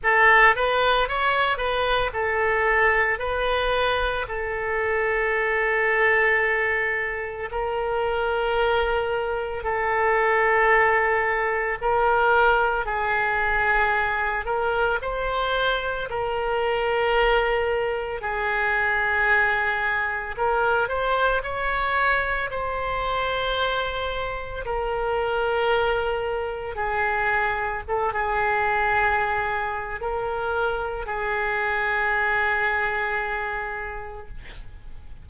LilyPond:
\new Staff \with { instrumentName = "oboe" } { \time 4/4 \tempo 4 = 56 a'8 b'8 cis''8 b'8 a'4 b'4 | a'2. ais'4~ | ais'4 a'2 ais'4 | gis'4. ais'8 c''4 ais'4~ |
ais'4 gis'2 ais'8 c''8 | cis''4 c''2 ais'4~ | ais'4 gis'4 a'16 gis'4.~ gis'16 | ais'4 gis'2. | }